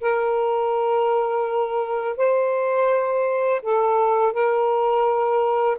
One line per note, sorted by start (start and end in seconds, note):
0.00 2.17 A#4
2.17 3.61 C5
3.62 4.33 A4
4.33 5.77 A#4